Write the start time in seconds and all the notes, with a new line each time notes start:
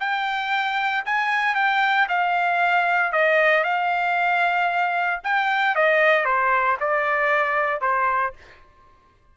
0.00 G5
1.06 G#5
1.55 G5
2.08 F5
3.12 D#5
3.64 F5
5.24 G5
5.76 D#5
6.25 C5
6.80 D5
7.81 C5